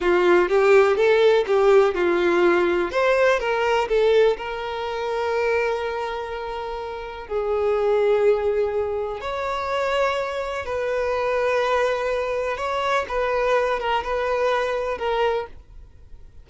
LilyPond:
\new Staff \with { instrumentName = "violin" } { \time 4/4 \tempo 4 = 124 f'4 g'4 a'4 g'4 | f'2 c''4 ais'4 | a'4 ais'2.~ | ais'2. gis'4~ |
gis'2. cis''4~ | cis''2 b'2~ | b'2 cis''4 b'4~ | b'8 ais'8 b'2 ais'4 | }